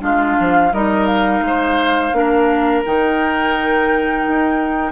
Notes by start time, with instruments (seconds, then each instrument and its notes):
0.00 bassoon G#3, clarinet D4, oboe F4, flute F5
0.40 bassoon F3
0.72 bassoon G3, clarinet D#4, oboe A#4, flute D#5
1.06 flute F5
1.41 bassoon G#3, oboe C5
2.12 bassoon A#3, clarinet D4, oboe A#4
2.85 bassoon D#3, clarinet D#4, flute G5
4.27 bassoon D#4